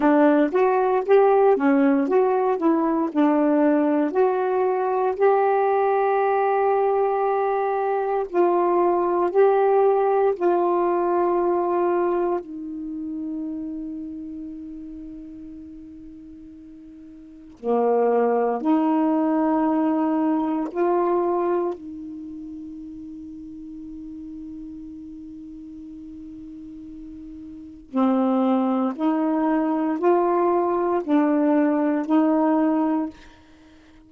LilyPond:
\new Staff \with { instrumentName = "saxophone" } { \time 4/4 \tempo 4 = 58 d'8 fis'8 g'8 cis'8 fis'8 e'8 d'4 | fis'4 g'2. | f'4 g'4 f'2 | dis'1~ |
dis'4 ais4 dis'2 | f'4 dis'2.~ | dis'2. c'4 | dis'4 f'4 d'4 dis'4 | }